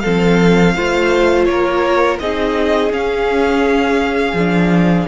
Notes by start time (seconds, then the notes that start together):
0.00 F3 C4 A4 F5
0.76 A3 F4 C5
1.45 A#3 A#4 C#5
2.20 C4 D#4 G#4 D#5
2.91 C#4 F5
4.33 F3 D4